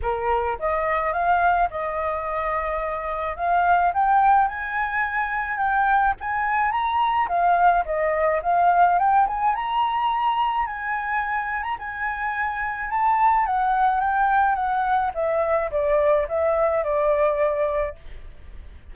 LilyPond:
\new Staff \with { instrumentName = "flute" } { \time 4/4 \tempo 4 = 107 ais'4 dis''4 f''4 dis''4~ | dis''2 f''4 g''4 | gis''2 g''4 gis''4 | ais''4 f''4 dis''4 f''4 |
g''8 gis''8 ais''2 gis''4~ | gis''8. ais''16 gis''2 a''4 | fis''4 g''4 fis''4 e''4 | d''4 e''4 d''2 | }